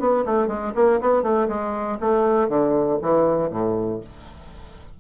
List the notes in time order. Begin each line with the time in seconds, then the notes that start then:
0.00 B3
0.26 A3
0.48 G#3
0.75 A#3
1.01 B3
1.23 A3
1.48 G#3
2.01 A3
2.49 D3
3.02 E3
3.51 A2